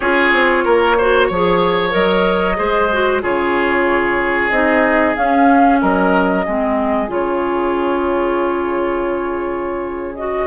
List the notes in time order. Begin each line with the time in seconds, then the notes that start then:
0.00 C#4 F4 G#4 C#5
0.33 C4
0.64 A#3 A#4
0.97 F#4 C5
1.27 F3 G#4 C#5
1.90 F#3 A#4 D#5
2.55 G#3 G#4 C5
2.92 F#4
3.21 C#3 F4 G#4 C#5
4.50 C4 D#4 D#5
5.15 C#4 F5
5.80 F#3 A#4 D#5
6.45 G#3 C4 G#4
7.08 C#3 F4 C#5
10.15 F#4 D#5